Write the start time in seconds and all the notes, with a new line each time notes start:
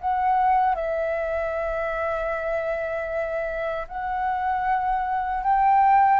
0.00 F#5
0.75 E5
3.88 F#5
5.43 G5